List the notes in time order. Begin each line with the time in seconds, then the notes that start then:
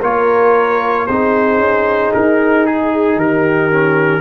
0.00 A#3 F4 A#4 C#5
1.06 C4 D#4 G#4 C5
1.58 C#4
2.14 D#4 A#4
2.66 G#4
3.16 D#3 G4 A#4
3.71 C#4